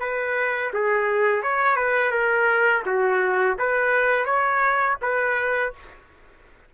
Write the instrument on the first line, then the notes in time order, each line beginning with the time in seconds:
trumpet
0.00 B4
0.74 G#4
1.43 C#5
1.77 B4
2.12 A#4
2.86 F#4
3.59 B4
4.26 C#5
5.02 B4